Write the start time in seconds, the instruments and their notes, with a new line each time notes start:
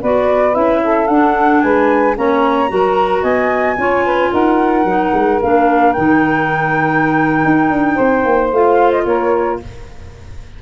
0.00 tuba B3, clarinet F#4, saxophone B4, flute D5
0.52 tuba C#4, clarinet E4, flute E5
0.83 saxophone A4
1.07 tuba D4, clarinet D4, flute F#5
1.61 tuba G#3, saxophone B4, flute G#5
2.15 tuba A#3, clarinet C#4, saxophone C#5, flute A#5
2.68 tuba F#3, clarinet F#4, saxophone A#4
3.22 tuba B3, saxophone D#5, flute G#5
3.77 tuba C#4, clarinet F4, saxophone C#5
4.04 saxophone B4
4.31 tuba D#4, saxophone A#4, flute F#5
4.84 tuba F#3, clarinet D#4
5.13 tuba G#3
5.42 tuba A#3, clarinet D4, flute F5
5.92 tuba D#3, clarinet D#4, flute G5
7.44 tuba D#4
7.70 tuba D4
7.95 tuba C4, saxophone C5
8.24 tuba A#3
8.51 tuba A3, clarinet F4, flute F5
8.91 flute D#5
9.05 tuba A#3, saxophone A#4, flute C#5